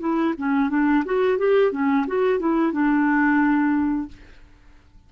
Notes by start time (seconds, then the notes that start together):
0.00 E4
0.38 C#4
0.70 D4
1.05 F#4
1.38 G4
1.72 C#4
2.07 F#4
2.39 E4
2.72 D4